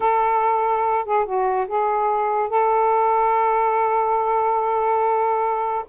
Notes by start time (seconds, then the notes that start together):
0.00 A4
1.05 G#4
1.25 F#4
1.67 G#4
2.49 A4